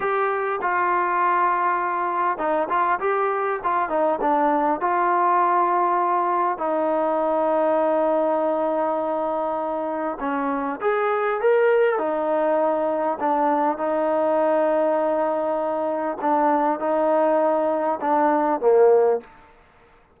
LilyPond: \new Staff \with { instrumentName = "trombone" } { \time 4/4 \tempo 4 = 100 g'4 f'2. | dis'8 f'8 g'4 f'8 dis'8 d'4 | f'2. dis'4~ | dis'1~ |
dis'4 cis'4 gis'4 ais'4 | dis'2 d'4 dis'4~ | dis'2. d'4 | dis'2 d'4 ais4 | }